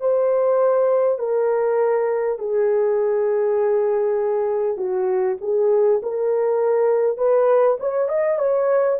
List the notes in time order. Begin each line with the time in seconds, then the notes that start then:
0.00 C5
1.18 A#4
2.39 G#4
4.77 F#4
5.41 G#4
6.03 A#4
7.17 B4
7.79 C#5
8.08 D#5
8.38 C#5